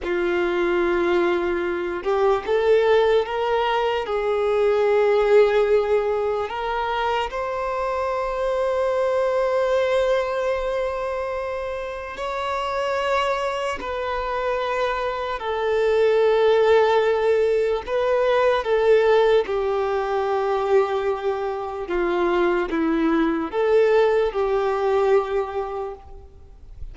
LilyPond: \new Staff \with { instrumentName = "violin" } { \time 4/4 \tempo 4 = 74 f'2~ f'8 g'8 a'4 | ais'4 gis'2. | ais'4 c''2.~ | c''2. cis''4~ |
cis''4 b'2 a'4~ | a'2 b'4 a'4 | g'2. f'4 | e'4 a'4 g'2 | }